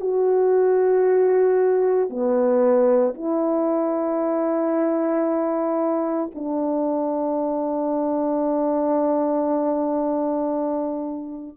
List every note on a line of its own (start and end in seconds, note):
0.00 2.10 F#4
2.10 3.14 B3
3.14 6.30 E4
6.34 11.56 D4